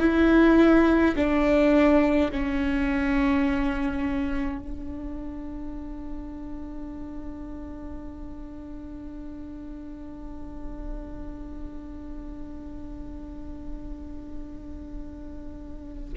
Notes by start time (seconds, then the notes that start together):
0.00 E4
1.16 D4
2.31 C#4
4.59 D4